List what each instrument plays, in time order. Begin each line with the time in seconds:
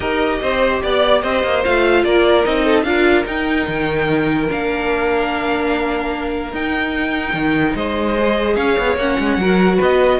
0.00 cello D#4, viola G4, violin A#4 D#5
0.41 cello C4, violin C5
0.82 cello B3, violin D5
1.21 cello C4, violin C5 D#5
1.43 cello A#3
1.64 cello A3, viola F4, violin F5
2.04 cello A#3, violin A#4 D5
2.44 cello C4, viola D#4, violin D#5
2.64 violin A4
2.83 cello D4, viola F4, violin A#4 F5
3.24 viola D#4, cello D#4, violin G5
3.67 cello D#3
4.47 cello A#3, viola D4, violin F5
6.52 cello D#4, viola D#4, violin G5
7.33 cello D#3
7.75 cello G#3, violin C5 D#5
8.17 viola G#4
8.55 cello C#4, violin C#5 F5
8.78 cello B3
8.96 cello A#3, viola C#4, violin F#5
9.19 cello G#3
9.37 cello F#3, viola F#4, violin A#4
9.76 cello B3, violin B4 D#5